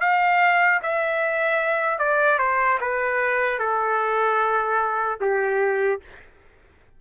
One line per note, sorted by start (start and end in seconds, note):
0.00 0.80 F5
0.82 1.98 E5
1.98 2.38 D5
2.39 2.79 C5
2.80 3.59 B4
3.59 5.19 A4
5.20 6.00 G4